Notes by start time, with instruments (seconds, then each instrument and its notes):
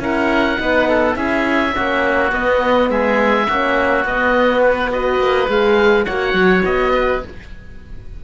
0.00 cello C#4, horn E4, oboe A#4 F#5
0.57 cello B3, horn D#4, oboe B4
0.89 oboe A4
1.14 cello C#4, horn E4, oboe G#4 E5
1.74 cello A#3, horn C#4, oboe F#4
2.32 cello B3, horn B3, oboe D#5
2.90 cello G#3, oboe G#4 E5
3.48 cello A#3, horn C#4, oboe F#4
4.05 cello B3, horn B3, oboe D#5
4.62 oboe B4
4.92 horn F#4, oboe B4 D#5
5.19 cello A#3
5.49 cello G#3, horn G#4, oboe F5
6.06 cello A#3, horn F#4, oboe C#5 F#5
6.34 cello F#3
6.65 cello B3, oboe D#5
6.93 oboe B4